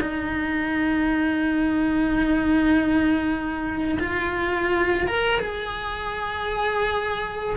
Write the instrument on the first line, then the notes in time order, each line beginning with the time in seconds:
cello
0.00 D#4
3.99 F4
5.07 A#4
5.39 G#4